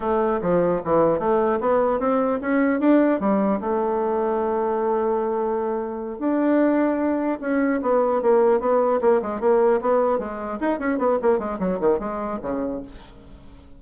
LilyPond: \new Staff \with { instrumentName = "bassoon" } { \time 4/4 \tempo 4 = 150 a4 f4 e4 a4 | b4 c'4 cis'4 d'4 | g4 a2.~ | a2.~ a8 d'8~ |
d'2~ d'8 cis'4 b8~ | b8 ais4 b4 ais8 gis8 ais8~ | ais8 b4 gis4 dis'8 cis'8 b8 | ais8 gis8 fis8 dis8 gis4 cis4 | }